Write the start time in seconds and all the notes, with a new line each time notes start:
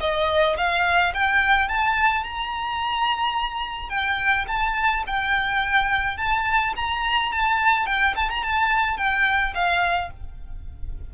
0.00 D#5
0.57 F5
1.14 G5
1.68 A5
2.23 A#5
3.89 G5
4.47 A5
5.06 G5
6.17 A5
6.76 A#5
7.32 A5
7.86 G5
8.15 A5
8.29 A#5
8.43 A5
8.97 G5
9.54 F5